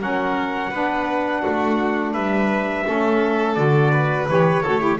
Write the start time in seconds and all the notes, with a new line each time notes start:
0.00 F#3 C#4 A#4 F#5
0.71 B3 D4 B4
1.42 A3 F#4
2.13 G3 B4 E5
2.86 A3 C#4 A4
3.55 D3 F#4 D5
3.92 B4
4.29 E3 G4 C#5
4.63 A3 F#4 A4
4.80 E4 G4